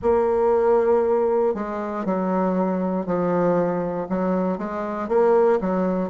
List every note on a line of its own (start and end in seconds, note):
0.02 1.54 A#3
1.54 2.05 G#3
2.05 3.06 F#3
3.06 4.07 F3
4.09 4.58 F#3
4.58 5.08 G#3
5.08 5.59 A#3
5.61 6.09 F#3